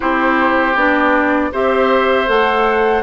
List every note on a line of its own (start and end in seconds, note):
0.00 0.75 C4
0.00 0.75 E4
0.00 1.49 G4
0.00 0.76 C5
0.75 1.51 B3
0.75 1.52 D4
0.75 1.52 D5
1.52 2.28 C4
1.52 2.26 G4
1.52 3.02 C5
1.52 2.29 E5
2.26 3.02 A3
2.26 3.02 A4
2.26 3.02 F#5